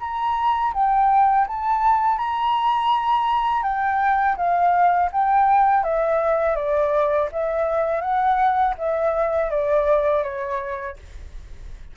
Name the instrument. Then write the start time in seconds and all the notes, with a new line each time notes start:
flute
0.00 A#5
0.73 G5
1.47 A5
2.18 A#5
3.63 G5
4.37 F5
5.12 G5
5.83 E5
6.55 D5
7.32 E5
8.01 F#5
8.78 E5
9.50 D5
10.23 C#5